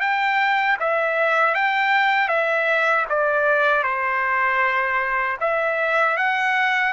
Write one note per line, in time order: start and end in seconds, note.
0.00 0.77 G5
0.80 1.55 E5
1.55 2.28 G5
2.28 3.05 E5
3.09 3.84 D5
3.84 5.37 C5
5.40 6.17 E5
6.17 6.93 F#5